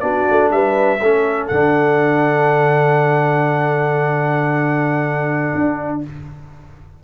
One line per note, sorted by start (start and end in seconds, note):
0.00 0.26 B3
0.00 0.99 D4
0.00 0.51 F#4
0.00 0.49 D5
0.30 0.51 A3
0.51 1.00 G3
0.51 1.02 B4
0.51 1.47 E5
1.02 1.50 A3
1.02 1.52 C#4
1.02 6.02 A4
1.47 5.53 D3
1.47 6.03 D4
1.47 5.98 F#5
5.55 6.04 D4